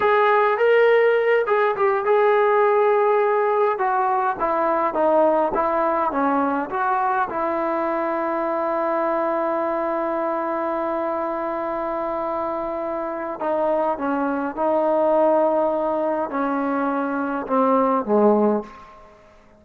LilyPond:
\new Staff \with { instrumentName = "trombone" } { \time 4/4 \tempo 4 = 103 gis'4 ais'4. gis'8 g'8 gis'8~ | gis'2~ gis'8 fis'4 e'8~ | e'8 dis'4 e'4 cis'4 fis'8~ | fis'8 e'2.~ e'8~ |
e'1~ | e'2. dis'4 | cis'4 dis'2. | cis'2 c'4 gis4 | }